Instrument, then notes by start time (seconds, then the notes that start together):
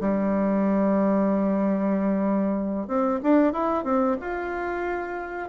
bassoon
0.00 G3
2.87 C4
3.22 D4
3.52 E4
3.84 C4
4.21 F4